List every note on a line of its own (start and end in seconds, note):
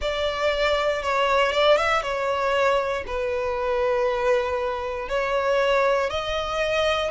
0.00 1.02 D5
1.02 1.52 C#5
1.52 1.77 D5
1.77 2.02 E5
2.02 3.04 C#5
3.06 5.08 B4
5.08 6.10 C#5
6.10 7.11 D#5